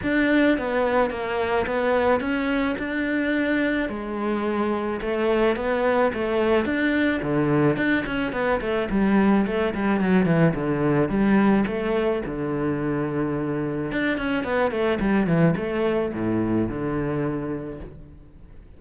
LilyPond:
\new Staff \with { instrumentName = "cello" } { \time 4/4 \tempo 4 = 108 d'4 b4 ais4 b4 | cis'4 d'2 gis4~ | gis4 a4 b4 a4 | d'4 d4 d'8 cis'8 b8 a8 |
g4 a8 g8 fis8 e8 d4 | g4 a4 d2~ | d4 d'8 cis'8 b8 a8 g8 e8 | a4 a,4 d2 | }